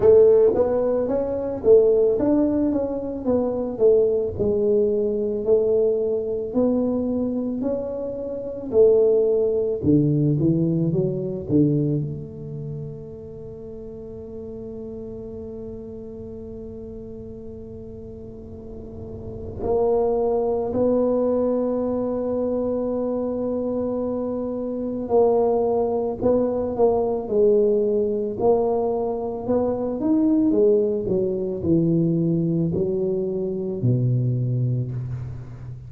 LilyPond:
\new Staff \with { instrumentName = "tuba" } { \time 4/4 \tempo 4 = 55 a8 b8 cis'8 a8 d'8 cis'8 b8 a8 | gis4 a4 b4 cis'4 | a4 d8 e8 fis8 d8 a4~ | a1~ |
a2 ais4 b4~ | b2. ais4 | b8 ais8 gis4 ais4 b8 dis'8 | gis8 fis8 e4 fis4 b,4 | }